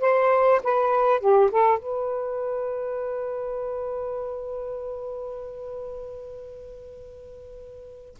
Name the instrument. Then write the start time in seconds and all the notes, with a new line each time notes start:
saxophone
0.00 C5
0.63 B4
1.20 G4
1.51 A4
1.79 B4